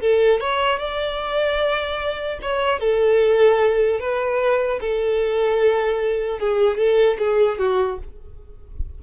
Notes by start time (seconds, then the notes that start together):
0.00 A4
0.40 C#5
0.79 D5
2.41 C#5
2.80 A4
4.00 B4
4.80 A4
6.39 G#4
6.77 A4
7.18 G#4
7.58 F#4